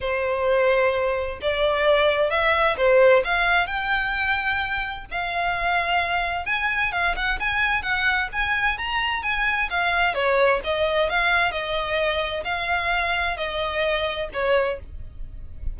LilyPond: \new Staff \with { instrumentName = "violin" } { \time 4/4 \tempo 4 = 130 c''2. d''4~ | d''4 e''4 c''4 f''4 | g''2. f''4~ | f''2 gis''4 f''8 fis''8 |
gis''4 fis''4 gis''4 ais''4 | gis''4 f''4 cis''4 dis''4 | f''4 dis''2 f''4~ | f''4 dis''2 cis''4 | }